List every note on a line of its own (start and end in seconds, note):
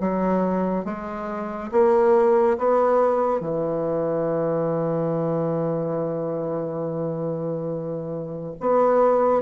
0.00 0.85 F#3
0.85 1.71 G#3
1.72 2.58 A#3
2.58 3.41 B3
3.41 8.55 E3
8.61 9.42 B3